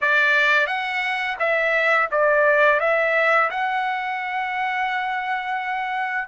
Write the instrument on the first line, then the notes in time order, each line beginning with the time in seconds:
trumpet
0.01 D5
0.67 F#5
1.39 E5
2.11 D5
2.80 E5
3.50 F#5